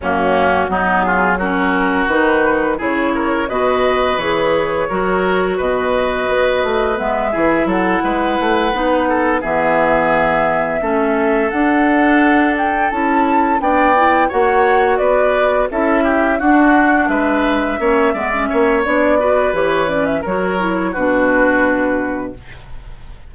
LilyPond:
<<
  \new Staff \with { instrumentName = "flute" } { \time 4/4 \tempo 4 = 86 fis'4. gis'8 ais'4 b'4 | cis''4 dis''4 cis''2 | dis''2 e''4 fis''4~ | fis''4. e''2~ e''8~ |
e''8 fis''4. g''8 a''4 g''8~ | g''8 fis''4 d''4 e''4 fis''8~ | fis''8 e''2~ e''8 d''4 | cis''8 d''16 e''16 cis''4 b'2 | }
  \new Staff \with { instrumentName = "oboe" } { \time 4/4 cis'4 dis'8 f'8 fis'2 | gis'8 ais'8 b'2 ais'4 | b'2~ b'8 gis'8 a'8 b'8~ | b'4 a'8 gis'2 a'8~ |
a'2.~ a'8 d''8~ | d''8 cis''4 b'4 a'8 g'8 fis'8~ | fis'8 b'4 cis''8 d''8 cis''4 b'8~ | b'4 ais'4 fis'2 | }
  \new Staff \with { instrumentName = "clarinet" } { \time 4/4 ais4 b4 cis'4 dis'4 | e'4 fis'4 gis'4 fis'4~ | fis'2 b8 e'4.~ | e'8 dis'4 b2 cis'8~ |
cis'8 d'2 e'4 d'8 | e'8 fis'2 e'4 d'8~ | d'4. cis'8 b16 cis'8. d'8 fis'8 | g'8 cis'8 fis'8 e'8 d'2 | }
  \new Staff \with { instrumentName = "bassoon" } { \time 4/4 fis,4 fis2 dis4 | cis4 b,4 e4 fis4 | b,4 b8 a8 gis8 e8 fis8 gis8 | a8 b4 e2 a8~ |
a8 d'2 cis'4 b8~ | b8 ais4 b4 cis'4 d'8~ | d'8 gis4 ais8 gis8 ais8 b4 | e4 fis4 b,2 | }
>>